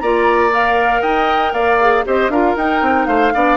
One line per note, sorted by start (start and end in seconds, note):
0.00 1.03 A#3
0.00 0.51 F4
0.00 1.02 D5
0.00 0.51 A#5
0.51 1.79 A#4
0.51 1.02 F5
1.02 1.53 D#4
1.02 1.53 D#5
1.02 1.54 G5
1.53 2.04 A#3
1.53 2.05 D5
1.53 2.05 F5
1.80 2.05 G#4
2.05 2.29 C4
2.05 2.31 G4
2.05 2.32 C5
2.05 2.31 D#5
2.29 2.55 D4
2.29 2.57 F4
2.29 3.08 A#4
2.29 2.57 F5
2.56 2.82 D#4
2.56 3.34 D#4
2.56 3.06 G5
2.82 3.07 C4
3.06 3.33 A3
3.06 3.33 C5
3.06 3.57 F5
3.34 3.57 B3
3.34 3.57 D4
3.34 3.57 D5